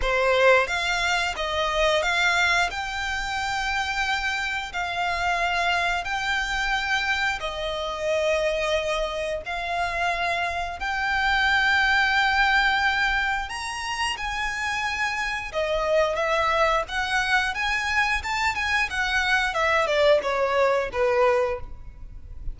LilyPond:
\new Staff \with { instrumentName = "violin" } { \time 4/4 \tempo 4 = 89 c''4 f''4 dis''4 f''4 | g''2. f''4~ | f''4 g''2 dis''4~ | dis''2 f''2 |
g''1 | ais''4 gis''2 dis''4 | e''4 fis''4 gis''4 a''8 gis''8 | fis''4 e''8 d''8 cis''4 b'4 | }